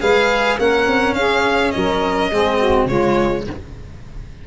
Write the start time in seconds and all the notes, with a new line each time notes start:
0.00 G#3 G#4 B4 F5
0.58 A#3 C#4 A#4 F#5
0.87 C4
1.12 C#4 G#4 F5
1.71 F#3 A#4 D#5
2.31 G#3 C4 G#4
2.58 F#4
2.85 C#3 G#3 F4 C#5